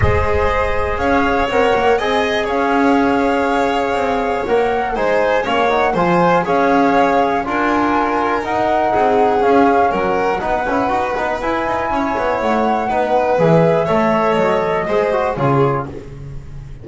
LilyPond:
<<
  \new Staff \with { instrumentName = "flute" } { \time 4/4 \tempo 4 = 121 dis''2 f''4 fis''4 | gis''4 f''2.~ | f''4 fis''4 gis''4 f''8 fis''8 | gis''4 f''2 gis''4~ |
gis''4 fis''2 f''4 | fis''2. gis''4~ | gis''4 fis''2 e''4~ | e''4 dis''2 cis''4 | }
  \new Staff \with { instrumentName = "violin" } { \time 4/4 c''2 cis''2 | dis''4 cis''2.~ | cis''2 c''4 cis''4 | c''4 cis''2 ais'4~ |
ais'2 gis'2 | ais'4 b'2. | cis''2 b'2 | cis''2 c''4 gis'4 | }
  \new Staff \with { instrumentName = "trombone" } { \time 4/4 gis'2. ais'4 | gis'1~ | gis'4 ais'4 dis'4 cis'8 dis'8 | f'4 gis'2 f'4~ |
f'4 dis'2 cis'4~ | cis'4 dis'8 e'8 fis'8 dis'8 e'4~ | e'2 dis'4 gis'4 | a'2 gis'8 fis'8 f'4 | }
  \new Staff \with { instrumentName = "double bass" } { \time 4/4 gis2 cis'4 c'8 ais8 | c'4 cis'2. | c'4 ais4 gis4 ais4 | f4 cis'2 d'4~ |
d'4 dis'4 c'4 cis'4 | fis4 b8 cis'8 dis'8 b8 e'8 dis'8 | cis'8 b8 a4 b4 e4 | a4 fis4 gis4 cis4 | }
>>